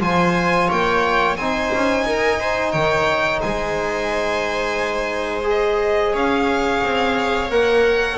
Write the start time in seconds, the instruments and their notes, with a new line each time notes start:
0.00 double bass F3, trombone F4, viola C5, violin G#5
0.68 double bass A#3, viola C#5, violin G5
1.36 double bass C4, trombone D#4, viola C5, violin G#5
1.73 double bass C#4
2.05 double bass D#4, viola A#4
2.40 viola C5
2.71 double bass D#3, viola C#5, violin G5
3.40 double bass G#3, viola C5, violin G#5
5.43 trombone G#4
5.50 violin D#5
6.13 double bass C#4, viola C#5, violin F5
6.83 double bass C4
7.49 double bass A#3, trombone A#4, violin F#5